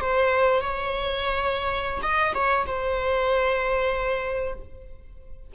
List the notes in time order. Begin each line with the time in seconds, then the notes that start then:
0.00 C5
0.61 C#5
2.02 D#5
2.34 C#5
2.66 C5